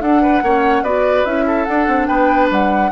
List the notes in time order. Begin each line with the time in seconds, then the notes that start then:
0.00 D4 A4 F#5
0.21 B4
0.42 A#3 C#4 C#5
0.82 B3 F#4 B4 D5
1.25 C#4 E4 E5
1.46 A4
1.64 D4 F#5
1.87 C4
2.06 B3 B4 G5
2.50 G3 F#5